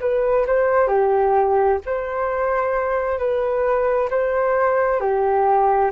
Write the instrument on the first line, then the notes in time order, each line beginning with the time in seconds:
flute
0.00 B4
0.46 C5
0.88 G4
1.85 C5
3.18 B4
4.10 C5
5.00 G4